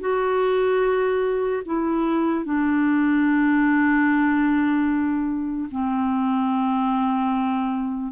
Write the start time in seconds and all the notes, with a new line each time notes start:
0.00 F#4
1.65 E4
2.45 D4
5.71 C4